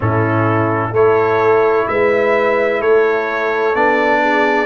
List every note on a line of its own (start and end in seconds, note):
0.00 0.91 A2
0.00 0.94 C#4
0.00 0.91 E4
0.00 0.94 A4
0.91 1.85 A3
0.91 3.74 E4
0.91 1.85 A4
0.91 1.88 C#5
1.88 2.81 G#3
1.88 2.80 B4
1.88 2.81 E5
2.80 3.74 A3
2.80 4.21 A4
2.80 3.75 C#5
3.74 4.66 B3
3.74 4.66 D4
3.74 4.66 D5
4.21 4.66 G#4